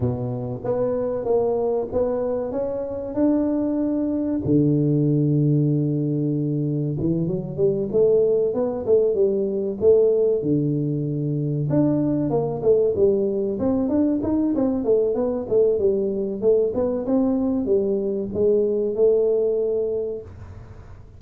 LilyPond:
\new Staff \with { instrumentName = "tuba" } { \time 4/4 \tempo 4 = 95 b,4 b4 ais4 b4 | cis'4 d'2 d4~ | d2. e8 fis8 | g8 a4 b8 a8 g4 a8~ |
a8 d2 d'4 ais8 | a8 g4 c'8 d'8 dis'8 c'8 a8 | b8 a8 g4 a8 b8 c'4 | g4 gis4 a2 | }